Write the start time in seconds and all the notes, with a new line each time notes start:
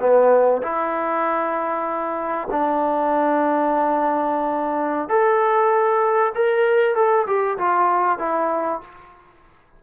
0.00 B3
0.62 E4
2.51 D4
5.09 A4
6.34 A#4
6.95 A4
7.27 G4
7.58 F4
8.18 E4